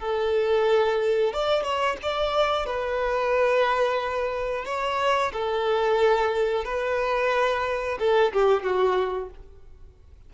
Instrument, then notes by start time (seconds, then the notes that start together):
violin
0.00 A4
1.34 D5
1.63 C#5
2.02 D5
2.66 B4
4.65 C#5
5.33 A4
6.65 B4
7.99 A4
8.33 G4
8.63 F#4